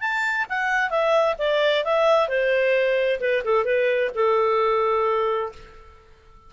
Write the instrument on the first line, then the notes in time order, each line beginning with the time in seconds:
clarinet
0.00 A5
0.49 F#5
0.89 E5
1.38 D5
1.84 E5
2.28 C5
3.20 B4
3.44 A4
3.65 B4
4.15 A4